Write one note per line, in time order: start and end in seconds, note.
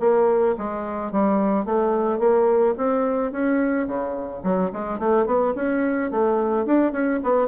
0.00 0.56 A#3
0.58 1.12 G#3
1.12 1.66 G3
1.66 2.19 A3
2.19 2.74 A#3
2.78 3.32 C4
3.32 3.87 C#4
3.87 4.43 C#3
4.43 4.71 F#3
4.73 4.99 G#3
4.99 5.26 A3
5.26 5.54 B3
5.56 6.11 C#4
6.11 6.66 A3
6.66 6.92 D4
6.92 7.20 C#4
7.23 7.48 B3